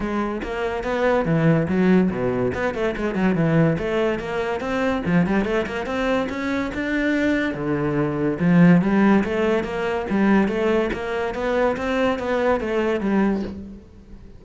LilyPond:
\new Staff \with { instrumentName = "cello" } { \time 4/4 \tempo 4 = 143 gis4 ais4 b4 e4 | fis4 b,4 b8 a8 gis8 fis8 | e4 a4 ais4 c'4 | f8 g8 a8 ais8 c'4 cis'4 |
d'2 d2 | f4 g4 a4 ais4 | g4 a4 ais4 b4 | c'4 b4 a4 g4 | }